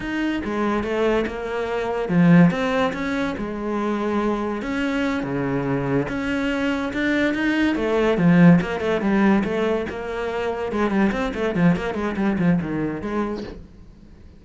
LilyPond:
\new Staff \with { instrumentName = "cello" } { \time 4/4 \tempo 4 = 143 dis'4 gis4 a4 ais4~ | ais4 f4 c'4 cis'4 | gis2. cis'4~ | cis'8 cis2 cis'4.~ |
cis'8 d'4 dis'4 a4 f8~ | f8 ais8 a8 g4 a4 ais8~ | ais4. gis8 g8 c'8 a8 f8 | ais8 gis8 g8 f8 dis4 gis4 | }